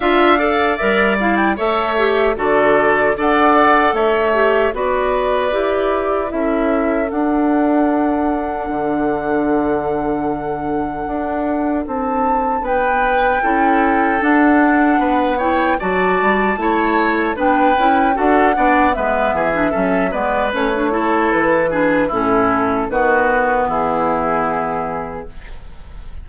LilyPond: <<
  \new Staff \with { instrumentName = "flute" } { \time 4/4 \tempo 4 = 76 f''4 e''8 f''16 g''16 e''4 d''4 | fis''4 e''4 d''2 | e''4 fis''2.~ | fis''2. a''4 |
g''2 fis''4. g''8 | a''2 g''4 fis''4 | e''4. d''8 cis''4 b'4 | a'4 b'4 gis'2 | }
  \new Staff \with { instrumentName = "oboe" } { \time 4/4 e''8 d''4. cis''4 a'4 | d''4 cis''4 b'2 | a'1~ | a'1 |
b'4 a'2 b'8 cis''8 | d''4 cis''4 b'4 a'8 d''8 | b'8 gis'8 a'8 b'4 a'4 gis'8 | e'4 fis'4 e'2 | }
  \new Staff \with { instrumentName = "clarinet" } { \time 4/4 f'8 a'8 ais'8 e'8 a'8 g'8 fis'4 | a'4. g'8 fis'4 g'4 | e'4 d'2.~ | d'1~ |
d'4 e'4 d'4. e'8 | fis'4 e'4 d'8 e'8 fis'8 d'8 | b8. d'16 cis'8 b8 cis'16 d'16 e'4 d'8 | cis'4 b2. | }
  \new Staff \with { instrumentName = "bassoon" } { \time 4/4 d'4 g4 a4 d4 | d'4 a4 b4 e'4 | cis'4 d'2 d4~ | d2 d'4 c'4 |
b4 cis'4 d'4 b4 | fis8 g8 a4 b8 cis'8 d'8 b8 | gis8 e8 fis8 gis8 a4 e4 | a,4 dis4 e2 | }
>>